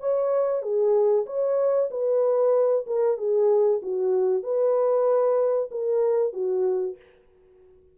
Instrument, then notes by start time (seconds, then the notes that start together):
horn
0.00 C#5
0.62 G#4
1.26 C#5
1.91 B4
2.87 A#4
3.18 G#4
3.82 F#4
4.43 B4
5.71 A#4
6.33 F#4